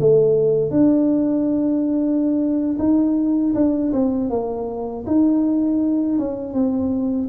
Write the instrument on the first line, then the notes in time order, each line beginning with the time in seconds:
tuba
0.00 A3
0.71 D4
2.79 D#4
3.55 D4
3.93 C4
4.30 A#3
5.07 D#4
6.19 C#4
6.54 C4